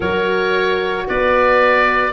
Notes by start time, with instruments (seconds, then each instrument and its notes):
0.00 tuba F#3, horn F#4, clarinet A#4, oboe C#5
1.07 tuba B3, clarinet B4, oboe D5